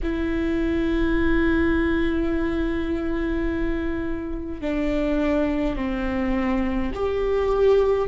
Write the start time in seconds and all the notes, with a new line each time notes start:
0.03 E4
4.61 D4
5.76 C4
6.94 G4